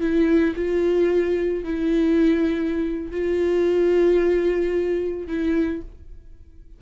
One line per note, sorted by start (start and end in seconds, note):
0.00 0.54 E4
0.56 1.64 F4
1.64 3.11 E4
3.11 5.27 F4
5.27 5.81 E4